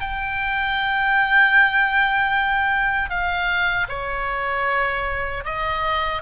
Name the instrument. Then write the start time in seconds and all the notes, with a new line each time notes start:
oboe
0.00 G5
3.10 F5
3.88 C#5
5.44 D#5